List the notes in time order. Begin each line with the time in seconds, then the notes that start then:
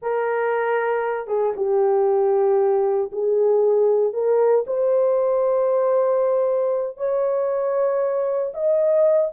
0.01 A#4
1.27 G#4
1.56 G4
3.12 G#4
4.13 A#4
4.66 C5
6.97 C#5
8.54 D#5